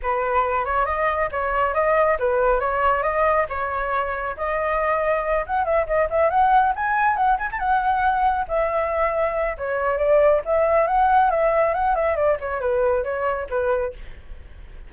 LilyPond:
\new Staff \with { instrumentName = "flute" } { \time 4/4 \tempo 4 = 138 b'4. cis''8 dis''4 cis''4 | dis''4 b'4 cis''4 dis''4 | cis''2 dis''2~ | dis''8 fis''8 e''8 dis''8 e''8 fis''4 gis''8~ |
gis''8 fis''8 gis''16 a''16 fis''2 e''8~ | e''2 cis''4 d''4 | e''4 fis''4 e''4 fis''8 e''8 | d''8 cis''8 b'4 cis''4 b'4 | }